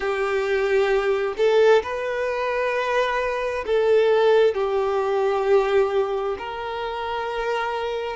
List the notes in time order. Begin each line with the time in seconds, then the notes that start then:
0.00 G4
1.37 A4
1.82 B4
3.66 A4
4.54 G4
6.38 A#4